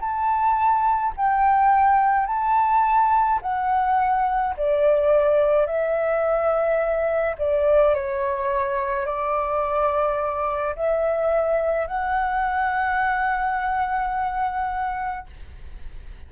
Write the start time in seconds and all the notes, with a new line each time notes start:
0.00 A5
1.16 G5
2.26 A5
3.42 F#5
4.57 D5
5.66 E5
7.38 D5
7.94 C#5
9.06 D5
10.75 E5
11.87 F#5